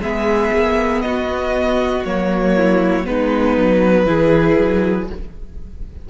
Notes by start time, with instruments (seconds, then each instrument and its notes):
0.00 cello G#3, viola B3, violin G#4 E5
0.53 cello A#3
1.01 cello B3, violin F#4 D#5
2.05 cello F#3, viola A#3, violin C#5
2.56 violin E4
3.05 cello G#3, viola B3, violin D#4 B4
3.57 cello F#3
4.06 cello E3, viola E4, violin G#4
4.59 cello F#3